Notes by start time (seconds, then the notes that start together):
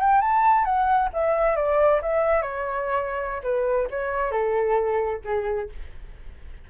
0.00 G5
0.22 A5
0.65 F#5
1.14 E5
1.57 D5
2.02 E5
2.42 C#5
3.44 B4
3.91 C#5
4.32 A4
5.25 G#4